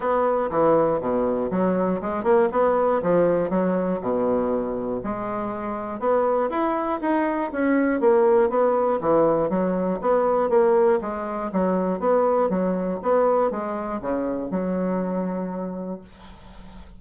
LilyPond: \new Staff \with { instrumentName = "bassoon" } { \time 4/4 \tempo 4 = 120 b4 e4 b,4 fis4 | gis8 ais8 b4 f4 fis4 | b,2 gis2 | b4 e'4 dis'4 cis'4 |
ais4 b4 e4 fis4 | b4 ais4 gis4 fis4 | b4 fis4 b4 gis4 | cis4 fis2. | }